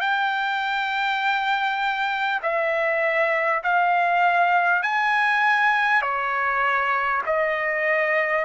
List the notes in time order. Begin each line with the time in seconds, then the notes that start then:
0.00 G5
2.43 E5
3.63 F5
4.83 G#5
6.02 C#5
7.26 D#5